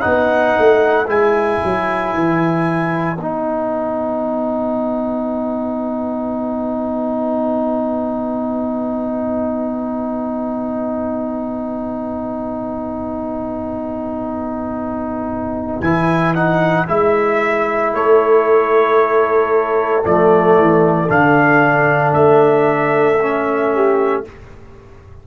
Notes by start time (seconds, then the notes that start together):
0.00 B3 D#4 B4 F#5
0.59 A3
1.06 G#3 E4 G#5
1.63 F#3
2.13 E3
3.16 B3 D#4 F#5
15.81 E3 E4 G#5
16.34 D#4 F#5
16.87 G#3 E4 E5
17.93 A3 A4 C#5
20.05 F3 A3 D5
20.57 E3
21.08 D3 D4 F5
22.13 A3 E5
23.19 C#4
23.74 G4